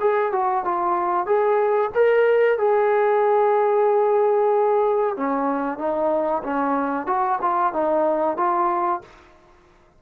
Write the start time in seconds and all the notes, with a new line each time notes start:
0.00 G#4
0.32 F#4
0.64 F4
1.26 G#4
1.95 A#4
2.58 G#4
5.16 C#4
5.78 D#4
6.43 C#4
7.06 F#4
7.41 F4
7.73 D#4
8.37 F4